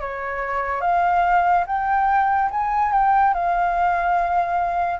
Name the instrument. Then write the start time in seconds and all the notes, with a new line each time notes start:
flute
0.00 C#5
0.81 F5
1.66 G5
2.50 G#5
2.92 G5
3.33 F5